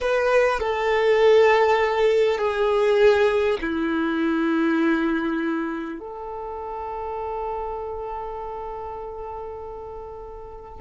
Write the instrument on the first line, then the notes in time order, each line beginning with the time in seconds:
violin
0.01 B4
0.59 A4
2.38 G#4
3.61 E4
5.99 A4